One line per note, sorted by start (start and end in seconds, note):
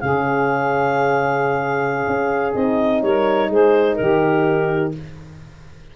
0.00 2.06 C#3
0.00 2.53 C#4
0.00 3.02 G#4
0.00 2.52 F5
2.07 2.55 C#4
2.53 3.02 C4
2.53 4.93 D#4
2.53 3.02 D#5
3.02 3.50 G3
3.02 3.49 A#4
3.02 3.50 C#5
3.49 3.98 G#3
3.49 3.97 G#4
3.49 3.96 C5
3.96 4.96 D#3
3.96 4.96 G4
3.96 4.92 A#4